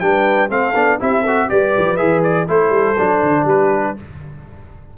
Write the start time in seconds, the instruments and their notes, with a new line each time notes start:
0.00 tuba G3, trombone D4, horn B4, trumpet G5
0.49 tuba A3, trombone C4, horn A4, trumpet F5
0.75 tuba B3, trombone D4
1.00 tuba C4, trombone E4, horn G4, trumpet E5
1.22 trombone F#4, horn A4
1.49 tuba G3, trombone G4, horn B4, trumpet D5
1.78 tuba F3
1.97 tuba E3, trombone G#4, trumpet E5
2.24 trumpet D5
2.48 tuba A3, trombone E4, horn A4, trumpet C5
2.70 tuba G3
2.99 tuba F#3, trombone D4
3.23 tuba D3
3.45 tuba G3, horn G4, trumpet B4